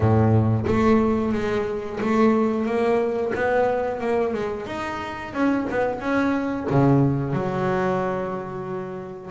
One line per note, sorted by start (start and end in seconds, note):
0.00 0.65 A2
0.67 1.32 A3
1.32 1.98 G#3
2.00 2.65 A3
2.65 3.32 A#3
3.35 4.00 B3
4.00 4.33 A#3
4.33 4.66 G#3
4.66 5.33 D#4
5.33 5.66 C#4
5.69 5.99 B3
5.99 6.66 C#4
6.70 7.33 C#3
7.33 9.30 F#3